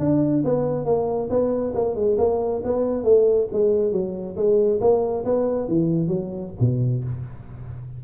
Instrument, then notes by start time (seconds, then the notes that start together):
tuba
0.00 D4
0.44 B3
0.86 A#3
1.30 B3
1.75 A#3
1.95 G#3
2.18 A#3
2.64 B3
3.04 A3
3.53 G#3
3.93 F#3
4.37 G#3
4.81 A#3
5.25 B3
5.68 E3
6.08 F#3
6.60 B2